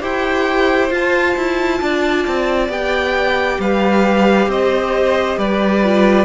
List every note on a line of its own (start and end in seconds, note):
0.00 0.90 E4
0.00 0.90 G4
0.00 1.80 C5
0.00 0.93 G5
0.90 1.35 F4
0.90 2.69 F4
0.90 2.71 A5
1.36 1.81 E4
1.81 2.26 D4
1.81 3.60 D5
2.27 2.68 C4
2.68 3.58 B3
2.68 5.82 G4
2.68 3.61 G5
3.59 4.47 G3
3.59 4.49 B4
3.59 4.50 F5
4.47 5.36 C4
4.47 5.38 C5
4.47 5.38 D#5
5.37 6.25 G3
5.37 6.25 B4
5.37 6.25 D5
5.84 6.25 F4